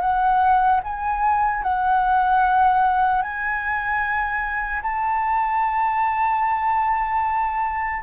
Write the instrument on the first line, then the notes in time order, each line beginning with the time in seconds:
flute
0.00 F#5
0.83 G#5
1.63 F#5
3.22 G#5
4.82 A5